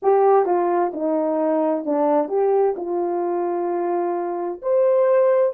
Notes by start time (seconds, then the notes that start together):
0.02 G4
0.45 F4
0.93 D#4
1.85 D4
2.28 G4
2.76 F4
4.62 C5